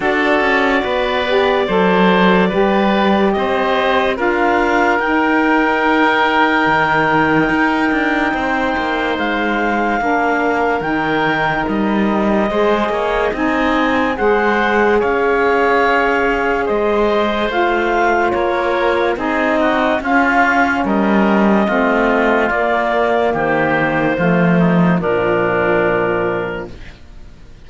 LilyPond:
<<
  \new Staff \with { instrumentName = "clarinet" } { \time 4/4 \tempo 4 = 72 d''1 | dis''4 f''4 g''2~ | g''2. f''4~ | f''4 g''4 dis''2 |
gis''4 fis''4 f''2 | dis''4 f''4 cis''4 dis''4 | f''4 dis''2 d''4 | c''2 ais'2 | }
  \new Staff \with { instrumentName = "oboe" } { \time 4/4 a'4 b'4 c''4 b'4 | c''4 ais'2.~ | ais'2 c''2 | ais'2. c''8 cis''8 |
dis''4 c''4 cis''2 | c''2 ais'4 gis'8 fis'8 | f'4 ais'4 f'2 | g'4 f'8 dis'8 d'2 | }
  \new Staff \with { instrumentName = "saxophone" } { \time 4/4 fis'4. g'8 a'4 g'4~ | g'4 f'4 dis'2~ | dis'1 | d'4 dis'2 gis'4 |
dis'4 gis'2.~ | gis'4 f'2 dis'4 | cis'2 c'4 ais4~ | ais4 a4 f2 | }
  \new Staff \with { instrumentName = "cello" } { \time 4/4 d'8 cis'8 b4 fis4 g4 | c'4 d'4 dis'2 | dis4 dis'8 d'8 c'8 ais8 gis4 | ais4 dis4 g4 gis8 ais8 |
c'4 gis4 cis'2 | gis4 a4 ais4 c'4 | cis'4 g4 a4 ais4 | dis4 f4 ais,2 | }
>>